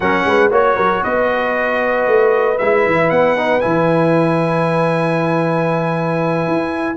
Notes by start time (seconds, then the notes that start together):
0.00 F#3 C#4 A#4 F#5
0.25 G#3 B4
0.50 A#3 F#4 C#5
0.76 F#3 A#4
1.03 B3 B4 D#5
2.07 A3
2.58 G#3 E4 E5
2.85 E3
3.10 B3 F#5
3.36 D#4
3.60 E3 E4 G#5
6.47 E4